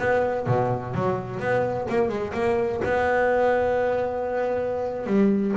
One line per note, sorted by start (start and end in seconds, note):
0.00 0.47 B3
0.47 0.95 B2
0.95 1.40 F#3
1.40 1.88 B3
1.89 2.09 A#3
2.09 2.33 G#3
2.34 2.82 A#3
2.85 5.07 B3
5.07 5.55 G3